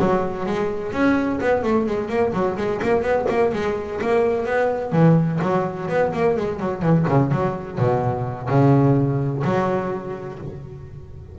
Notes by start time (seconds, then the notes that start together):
0.00 F#3
0.46 G#3
0.92 C#4
1.41 B3
1.63 A3
1.87 G#3
2.09 A#3
2.33 F#3
2.57 G#3
2.82 A#3
3.03 B3
3.29 A#3
3.53 G#3
4.02 A#3
4.46 B3
4.93 E3
5.42 F#3
5.89 B3
6.13 A#3
6.37 G#3
6.60 F#3
6.82 E3
7.08 C#3
7.32 F#3
7.78 B2
8.49 C#3
9.44 F#3